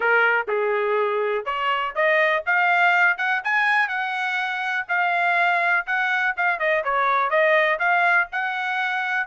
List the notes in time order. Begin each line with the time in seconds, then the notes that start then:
0.00 A#4
0.47 G#4
1.45 C#5
1.95 D#5
2.46 F5
3.17 F#5
3.43 G#5
3.88 F#5
4.88 F5
5.86 F#5
6.36 F5
6.59 D#5
6.84 C#5
7.29 D#5
7.79 F5
8.32 F#5